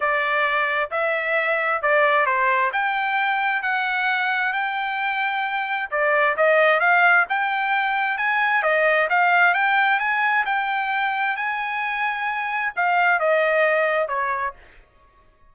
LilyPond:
\new Staff \with { instrumentName = "trumpet" } { \time 4/4 \tempo 4 = 132 d''2 e''2 | d''4 c''4 g''2 | fis''2 g''2~ | g''4 d''4 dis''4 f''4 |
g''2 gis''4 dis''4 | f''4 g''4 gis''4 g''4~ | g''4 gis''2. | f''4 dis''2 cis''4 | }